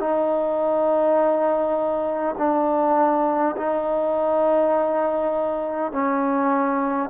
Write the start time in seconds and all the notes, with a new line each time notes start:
0.00 D#4
2.38 D4
3.57 D#4
5.92 C#4